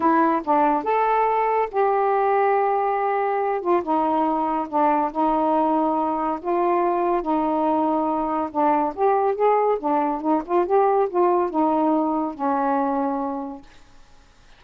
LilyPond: \new Staff \with { instrumentName = "saxophone" } { \time 4/4 \tempo 4 = 141 e'4 d'4 a'2 | g'1~ | g'8 f'8 dis'2 d'4 | dis'2. f'4~ |
f'4 dis'2. | d'4 g'4 gis'4 d'4 | dis'8 f'8 g'4 f'4 dis'4~ | dis'4 cis'2. | }